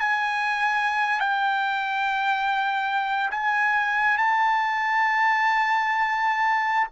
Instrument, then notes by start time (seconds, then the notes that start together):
trumpet
0.00 G#5
1.20 G5
3.31 G#5
4.18 A5